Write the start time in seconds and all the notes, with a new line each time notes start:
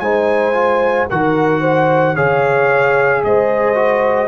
0.00 G#3 D#4 C5 G#5
0.54 F4
1.10 D#3 F#4 A#4 F#5
1.61 C5
2.15 C#3 G#4 C#5 F5
3.24 G#3 C5 D#5
3.75 F#4